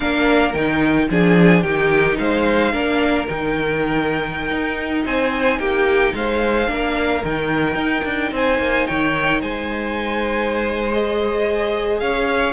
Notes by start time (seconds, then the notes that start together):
0.00 A#3 D4 A#4 F5
0.53 D#3 D#4 G5
1.10 F3 D4 G#4 G#5
1.62 D#3 D#4 G4 G5
2.17 G#3 C5 F5
2.72 A#3 D4 A#4
3.27 D#3 D#4 G5
4.51 D#4
5.04 C4 C5 G#5
5.58 A#3 G4 G5
6.14 G#3 C5 F5
6.66 A#3 D4 A#4
7.24 D#3 D#4 G5
7.75 D#4
8.04 D4
8.31 C4 C5 G#5
8.58 A#3
8.86 D#3 C#5 G5
9.41 G#3 C5 G#5
10.92 G#4 D#5
11.99 C#4 C#5 F5